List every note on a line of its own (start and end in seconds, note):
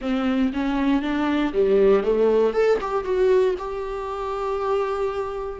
0.01 0.52 C4
0.53 1.02 C#4
1.02 1.53 D4
1.53 2.03 G3
2.03 2.53 A3
2.53 2.78 A4
2.81 3.04 G4
3.04 3.55 F#4
3.58 5.59 G4